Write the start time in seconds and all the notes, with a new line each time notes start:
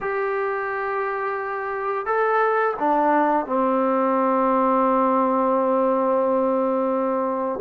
0.01 G4
2.05 A4
2.79 D4
3.45 C4